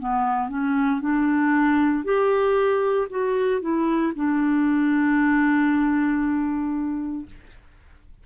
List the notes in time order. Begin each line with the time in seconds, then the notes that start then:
0.00 B3
0.49 C#4
1.01 D4
2.05 G4
3.10 F#4
3.61 E4
4.16 D4